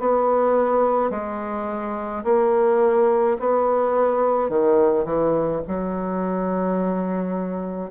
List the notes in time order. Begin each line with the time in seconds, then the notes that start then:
0.00 B3
1.11 G#3
2.24 A#3
3.40 B3
4.50 D#3
5.05 E3
5.68 F#3